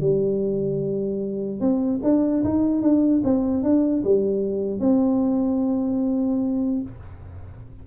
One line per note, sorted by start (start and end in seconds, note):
0.00 1.60 G3
1.60 2.00 C4
2.03 2.43 D4
2.44 2.82 D#4
2.82 3.22 D4
3.24 3.63 C4
3.63 4.03 D4
4.04 4.80 G3
4.80 6.81 C4